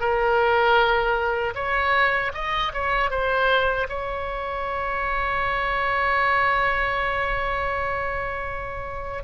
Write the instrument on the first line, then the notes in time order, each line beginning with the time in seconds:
oboe
0.00 A#4
1.55 C#5
2.34 D#5
2.73 C#5
3.10 C5
3.88 C#5